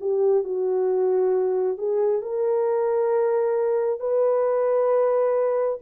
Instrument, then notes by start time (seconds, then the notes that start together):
horn
0.00 G4
0.44 F#4
1.77 G#4
2.22 A#4
4.00 B4